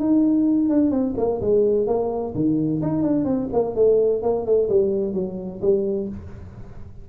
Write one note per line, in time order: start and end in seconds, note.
0.00 0.69 D#4
0.69 0.91 D4
0.91 1.15 C4
1.18 1.41 A#3
1.41 1.87 G#3
1.87 2.34 A#3
2.35 2.82 D#3
2.82 3.03 D#4
3.03 3.25 D4
3.25 3.49 C4
3.53 3.76 A#3
3.76 4.23 A3
4.23 4.46 A#3
4.46 4.69 A3
4.70 5.14 G3
5.14 5.61 F#3
5.62 6.09 G3